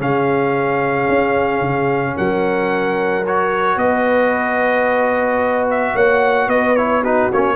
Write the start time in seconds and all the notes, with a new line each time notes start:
0.00 C#3 C#4 G#4 F5
1.09 C#4
1.61 C#3
2.16 F#3 A#4 F#5
3.27 F#4 C#5
3.77 B3 B4 D#5
5.71 E5
5.94 A#3 C#5 F#5
6.48 B3 B4 D#5
6.77 E4 C#5
7.02 D#4 F#4 B4
7.32 A#3 C#4 C#5